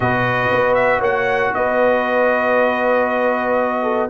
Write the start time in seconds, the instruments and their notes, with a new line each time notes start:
0.00 tuba B2, trombone F#4, horn B4, trumpet D#5
0.50 tuba B3
0.74 trumpet E5
0.99 tuba A#3, horn C#5, trumpet F#5
1.54 tuba B3, horn B4, trumpet D#5
3.82 horn A4